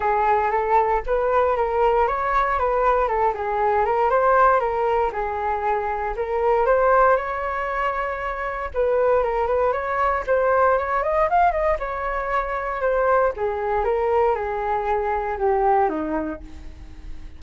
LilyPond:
\new Staff \with { instrumentName = "flute" } { \time 4/4 \tempo 4 = 117 gis'4 a'4 b'4 ais'4 | cis''4 b'4 a'8 gis'4 ais'8 | c''4 ais'4 gis'2 | ais'4 c''4 cis''2~ |
cis''4 b'4 ais'8 b'8 cis''4 | c''4 cis''8 dis''8 f''8 dis''8 cis''4~ | cis''4 c''4 gis'4 ais'4 | gis'2 g'4 dis'4 | }